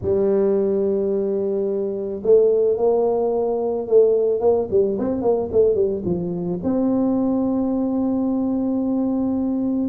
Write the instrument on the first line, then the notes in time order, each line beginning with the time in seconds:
tuba
0.02 G3
2.23 A3
2.77 A#3
3.87 A3
4.40 A#3
4.70 G3
4.98 C4
5.21 A#3
5.52 A3
5.74 G3
6.04 F3
6.63 C4